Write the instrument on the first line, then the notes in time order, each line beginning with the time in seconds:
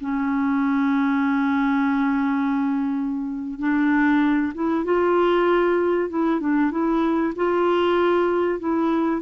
clarinet
0.00 C#4
3.59 D4
4.54 E4
4.85 F4
6.09 E4
6.40 D4
6.71 E4
7.36 F4
8.59 E4